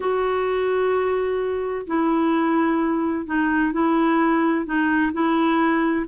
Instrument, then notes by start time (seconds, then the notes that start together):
clarinet
0.00 F#4
1.86 E4
3.26 D#4
3.72 E4
4.65 D#4
5.12 E4